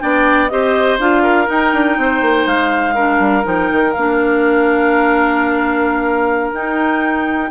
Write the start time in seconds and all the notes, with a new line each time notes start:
0.00 B3 D4 D5 G5
0.48 C4 G4 C5 D#5
0.98 D4 F4 F5
1.23 A#4
1.46 D#4 G5
1.73 D4
1.97 C4 C5
2.21 A#3
2.46 G#3 F5
2.94 D4 A#4
3.19 G3
3.43 F3 D#4 G5
3.71 D#3
3.92 A#3 F5
3.98 D4
6.53 D#4 G5